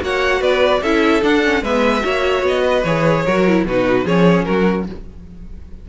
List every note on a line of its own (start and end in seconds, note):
0.00 0.41 A#3
0.00 0.81 F#4
0.00 0.40 C#5
0.00 0.43 F#5
0.40 0.82 B3
0.40 0.80 B4
0.40 0.83 D5
0.82 1.23 C#4
0.82 1.22 E4
0.82 1.62 A4
0.82 1.23 E5
1.22 1.42 D4
1.22 1.62 D4
1.22 1.64 F#5
1.44 1.64 C#4
1.62 2.03 G#3
1.62 2.01 B3
1.62 2.03 B4
1.62 2.45 E5
2.01 2.42 A#3
2.01 2.82 F#4
2.01 2.62 C#5
2.42 2.83 B3
2.42 2.84 D#5
2.62 3.23 B4
2.84 3.25 E3
2.84 3.27 G#4
2.84 3.65 C#5
3.26 3.64 F#3
3.26 3.48 F#4
3.26 3.66 A#4
3.48 3.68 E4
3.64 4.05 B2
3.64 4.06 D#4
3.64 4.05 F#4
3.64 4.07 B4
4.05 4.45 F3
4.05 4.87 C#4
4.05 4.45 G#4
4.05 4.45 C#5
4.45 4.89 F#3
4.45 4.88 F#4
4.45 4.85 A#4